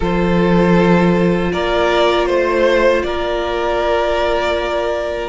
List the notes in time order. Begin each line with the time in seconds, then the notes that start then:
0.00 F3 F4 A4 C5
1.52 A#3 A#4 D5
2.26 A3 C5
3.02 A#3 A#4 D5